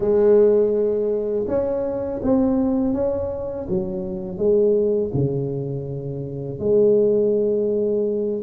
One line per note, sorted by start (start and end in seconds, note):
0.00 1.45 G#3
1.47 2.20 C#4
2.23 2.93 C4
2.93 3.66 C#4
3.68 4.37 F#3
4.37 5.11 G#3
5.14 6.59 C#3
6.59 8.42 G#3